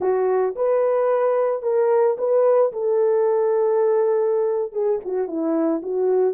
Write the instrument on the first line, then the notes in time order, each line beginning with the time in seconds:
horn
0.00 F#4
0.55 B4
1.62 A#4
2.18 B4
2.72 A4
4.72 G#4
5.04 F#4
5.27 E4
5.82 F#4